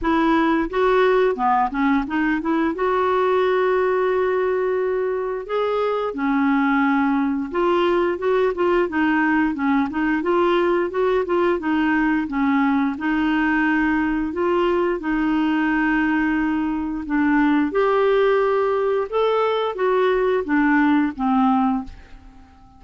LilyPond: \new Staff \with { instrumentName = "clarinet" } { \time 4/4 \tempo 4 = 88 e'4 fis'4 b8 cis'8 dis'8 e'8 | fis'1 | gis'4 cis'2 f'4 | fis'8 f'8 dis'4 cis'8 dis'8 f'4 |
fis'8 f'8 dis'4 cis'4 dis'4~ | dis'4 f'4 dis'2~ | dis'4 d'4 g'2 | a'4 fis'4 d'4 c'4 | }